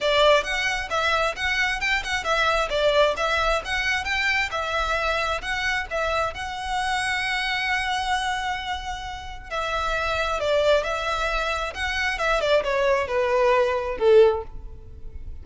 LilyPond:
\new Staff \with { instrumentName = "violin" } { \time 4/4 \tempo 4 = 133 d''4 fis''4 e''4 fis''4 | g''8 fis''8 e''4 d''4 e''4 | fis''4 g''4 e''2 | fis''4 e''4 fis''2~ |
fis''1~ | fis''4 e''2 d''4 | e''2 fis''4 e''8 d''8 | cis''4 b'2 a'4 | }